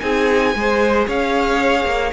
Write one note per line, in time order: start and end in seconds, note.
0.00 0.55 C4
0.00 0.53 D#4
0.00 0.55 G#4
0.00 1.05 G#5
0.55 1.07 G#3
0.55 2.13 G#4
0.55 1.07 C5
1.07 1.85 C#4
1.07 2.12 C#5
1.07 2.13 F5
1.85 2.11 A#3